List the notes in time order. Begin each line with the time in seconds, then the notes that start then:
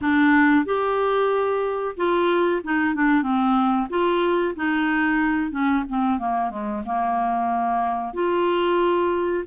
0.01 D4
0.65 G4
1.97 F4
2.63 D#4
2.94 D4
3.22 C4
3.89 F4
4.55 D#4
5.51 C#4
5.88 C4
6.18 A#3
6.50 G#3
6.85 A#3
8.13 F4